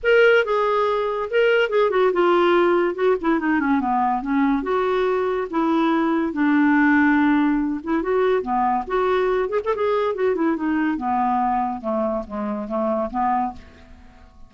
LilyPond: \new Staff \with { instrumentName = "clarinet" } { \time 4/4 \tempo 4 = 142 ais'4 gis'2 ais'4 | gis'8 fis'8 f'2 fis'8 e'8 | dis'8 cis'8 b4 cis'4 fis'4~ | fis'4 e'2 d'4~ |
d'2~ d'8 e'8 fis'4 | b4 fis'4. gis'16 a'16 gis'4 | fis'8 e'8 dis'4 b2 | a4 gis4 a4 b4 | }